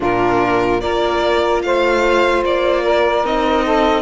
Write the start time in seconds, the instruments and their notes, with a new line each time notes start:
0.00 cello A#2, viola D4, saxophone F4, violin A#4
0.81 cello A#3, viola F4, saxophone A#4, violin D5
1.62 cello A3, saxophone C5, violin F5
2.44 cello A#3, violin D5
2.83 saxophone A#4
3.24 cello C4, viola D#4, violin D#5
3.64 saxophone A4